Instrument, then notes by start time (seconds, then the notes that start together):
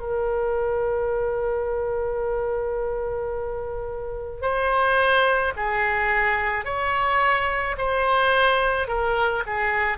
oboe
0.00 A#4
4.42 C5
5.57 G#4
6.65 C#5
7.78 C5
8.88 A#4
9.47 G#4